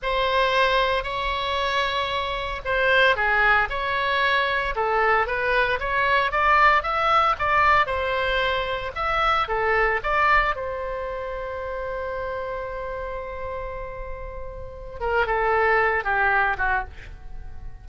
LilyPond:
\new Staff \with { instrumentName = "oboe" } { \time 4/4 \tempo 4 = 114 c''2 cis''2~ | cis''4 c''4 gis'4 cis''4~ | cis''4 a'4 b'4 cis''4 | d''4 e''4 d''4 c''4~ |
c''4 e''4 a'4 d''4 | c''1~ | c''1~ | c''8 ais'8 a'4. g'4 fis'8 | }